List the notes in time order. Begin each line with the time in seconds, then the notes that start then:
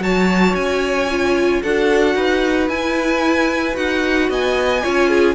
0.00 F#3 F#4 C#5 A5
0.55 C#4 G#5
1.11 F4
1.62 D4 F#4 A4 F#5
2.15 D#4 B4
2.69 E4 G#5
3.74 D#4 F#4 F#5
4.29 B3 D#5 G#5
4.83 C#4 F4 C#5
5.08 G#4